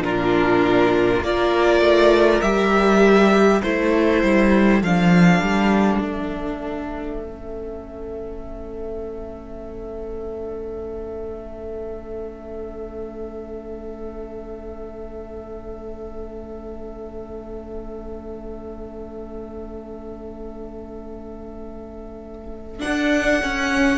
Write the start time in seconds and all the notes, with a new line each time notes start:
0.00 A#2 D4 F4 A#4
1.21 A#3 F4 A#4 D5
1.81 A3
2.42 G3 G4 E5
3.59 A3 E4 A4 C5
4.23 G3
4.82 F3 D4 F5
5.41 G3
6.02 A3 E5
7.24 C#4
22.80 D4 F#5
23.42 C#4